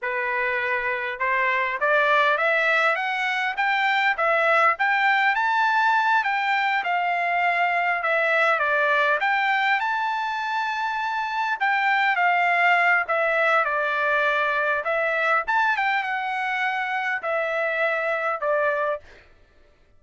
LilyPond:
\new Staff \with { instrumentName = "trumpet" } { \time 4/4 \tempo 4 = 101 b'2 c''4 d''4 | e''4 fis''4 g''4 e''4 | g''4 a''4. g''4 f''8~ | f''4. e''4 d''4 g''8~ |
g''8 a''2. g''8~ | g''8 f''4. e''4 d''4~ | d''4 e''4 a''8 g''8 fis''4~ | fis''4 e''2 d''4 | }